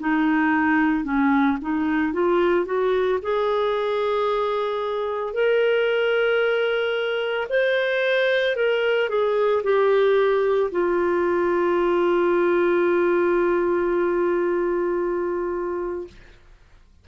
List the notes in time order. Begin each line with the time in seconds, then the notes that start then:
0.00 D#4
1.04 C#4
1.62 D#4
2.13 F4
2.66 F#4
3.22 G#4
5.33 A#4
7.50 C5
8.56 A#4
9.09 G#4
9.64 G4
10.72 F4